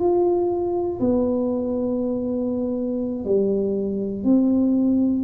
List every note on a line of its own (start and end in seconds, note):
0.00 1.00 F4
1.00 3.25 B3
3.25 4.24 G3
4.24 5.24 C4